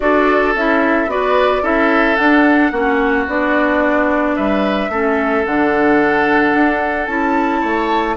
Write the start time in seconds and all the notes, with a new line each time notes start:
0.00 D4 F#4 A4 D5
0.55 C#4 E4 E5
1.06 B3 F#4 B4 D5
1.61 C#4 E4 A4 E5
2.15 D4 F#5
2.71 A#3 C#4 F#4
3.27 B3 D4 D5
4.36 G3 B4 E5
4.89 A3 C#4 A4
5.45 D3 D4 F#5
6.54 D4
7.06 C#4 E4 A5
7.61 A3 C#5